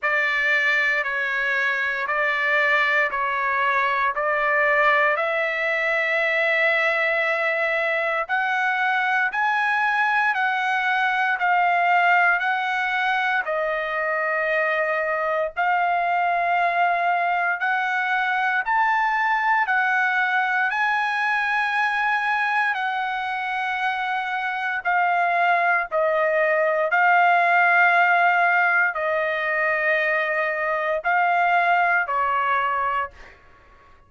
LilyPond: \new Staff \with { instrumentName = "trumpet" } { \time 4/4 \tempo 4 = 58 d''4 cis''4 d''4 cis''4 | d''4 e''2. | fis''4 gis''4 fis''4 f''4 | fis''4 dis''2 f''4~ |
f''4 fis''4 a''4 fis''4 | gis''2 fis''2 | f''4 dis''4 f''2 | dis''2 f''4 cis''4 | }